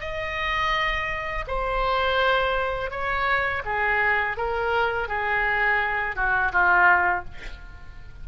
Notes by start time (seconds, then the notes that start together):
0.00 D#5
1.48 C5
2.90 C#5
3.65 G#4
4.37 A#4
5.08 G#4
6.15 F#4
6.52 F4